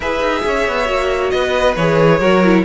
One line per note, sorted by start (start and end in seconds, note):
0.00 0.21 E4
0.00 0.85 G#4
0.00 0.42 B4
0.00 1.30 E5
0.21 0.43 D#4
0.45 0.67 C#4
0.45 1.33 C#5
0.67 0.88 B3
0.85 1.32 A#3
0.85 1.74 F#4
1.30 1.76 B3
1.30 2.19 B4
1.30 1.74 D#5
1.76 2.20 E3
1.76 2.21 G#4
1.76 2.64 C#5
2.19 2.64 F#3
2.19 2.43 F#4
2.19 2.63 A#4
2.44 2.65 E4